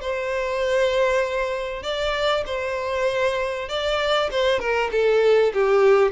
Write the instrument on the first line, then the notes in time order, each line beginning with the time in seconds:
violin
0.00 C5
1.83 D5
2.46 C5
3.68 D5
4.31 C5
4.59 A#4
4.91 A4
5.54 G4